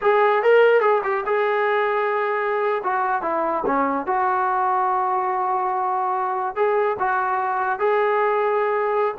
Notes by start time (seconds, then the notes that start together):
0.01 G#4
0.43 A#4
0.80 G#4
1.03 G4
1.26 G#4
2.83 F#4
3.22 E4
3.66 C#4
4.06 F#4
6.55 G#4
6.99 F#4
7.79 G#4